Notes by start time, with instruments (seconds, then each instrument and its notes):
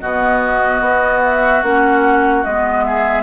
0.00 bassoon B2, clarinet B3, oboe F#4, flute D#5
0.81 bassoon B3
1.23 flute E5
1.63 bassoon A#3, clarinet C#4, flute F#5
2.44 bassoon G#3, clarinet B3, flute D#5
2.84 oboe G#4, flute E5